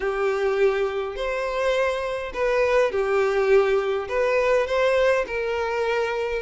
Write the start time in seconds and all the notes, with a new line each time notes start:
0.00 G4
1.15 C5
2.33 B4
2.91 G4
4.08 B4
4.67 C5
5.26 A#4